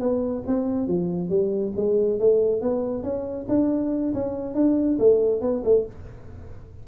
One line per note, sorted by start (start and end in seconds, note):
0.00 0.43 B3
0.47 0.87 C4
0.87 1.30 F3
1.30 1.73 G3
1.76 2.20 G#3
2.20 2.61 A3
2.61 3.03 B3
3.03 3.46 C#4
3.49 4.14 D4
4.14 4.55 C#4
4.55 4.98 D4
4.99 5.41 A3
5.41 5.63 B3
5.64 5.86 A3